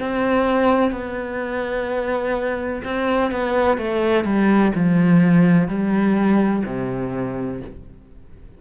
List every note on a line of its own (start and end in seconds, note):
0.00 0.91 C4
0.91 2.82 B3
2.84 3.31 C4
3.31 3.77 B3
3.77 4.24 A3
4.24 4.72 G3
4.74 5.68 F3
5.68 6.63 G3
6.65 7.61 C3